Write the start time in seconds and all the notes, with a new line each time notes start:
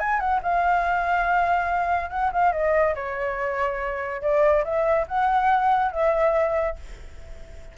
0.00 G#5
0.20 F#5
0.43 F5
2.10 F#5
2.33 F5
2.53 D#5
2.96 C#5
4.22 D5
4.65 E5
5.08 F#5
5.92 E5